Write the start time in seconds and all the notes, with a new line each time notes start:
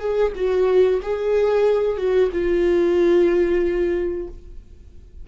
0.00 G#4
0.36 F#4
1.02 G#4
1.97 F#4
2.32 F4